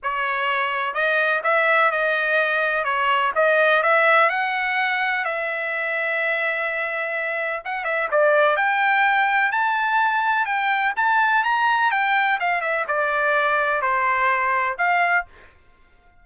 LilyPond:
\new Staff \with { instrumentName = "trumpet" } { \time 4/4 \tempo 4 = 126 cis''2 dis''4 e''4 | dis''2 cis''4 dis''4 | e''4 fis''2 e''4~ | e''1 |
fis''8 e''8 d''4 g''2 | a''2 g''4 a''4 | ais''4 g''4 f''8 e''8 d''4~ | d''4 c''2 f''4 | }